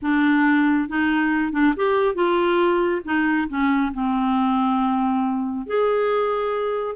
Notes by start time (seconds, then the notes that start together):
0.02 D4
0.89 D#4
1.52 D4
1.76 G4
2.14 F4
3.04 D#4
3.49 C#4
3.93 C4
5.66 G#4